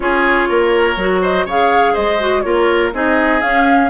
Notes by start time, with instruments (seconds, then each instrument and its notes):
0.00 bassoon C#4, clarinet F4, oboe G#4, flute C#5
0.48 bassoon A#3, oboe A#4
0.96 bassoon F#3, clarinet F#4
1.21 oboe C5, flute D#5
1.45 bassoon C#3, clarinet G#4, oboe C#5, flute F5
1.93 bassoon G#3, oboe C5, flute D#5
2.19 clarinet F#4
2.41 bassoon A#3, clarinet F4, oboe A#4, flute C#5
2.93 bassoon C4, clarinet D#4, oboe G#4, flute D#5
3.41 clarinet C#4, bassoon C#4, flute F5